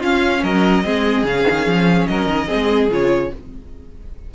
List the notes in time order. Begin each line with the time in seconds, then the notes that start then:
0.00 C#4 F4 F5
0.43 F#3 A#4 D#5
0.84 G#3 C4 G#4
1.24 C#3 C#4 F5
1.51 D#3
1.67 F3
2.07 F#3 A#4 D#5
2.27 D#3
2.47 C4 G#4
2.54 G#3
2.90 C#3 F4 C#5